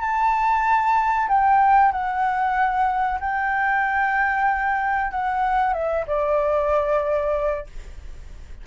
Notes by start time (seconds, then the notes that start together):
0.00 A5
1.28 G5
1.91 F#5
3.20 G5
5.11 F#5
5.73 E5
6.07 D5